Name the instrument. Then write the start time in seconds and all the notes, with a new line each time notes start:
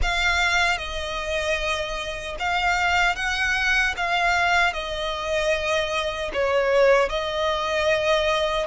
violin
0.02 F5
0.78 D#5
2.39 F5
3.15 F#5
3.97 F5
4.73 D#5
6.33 C#5
7.09 D#5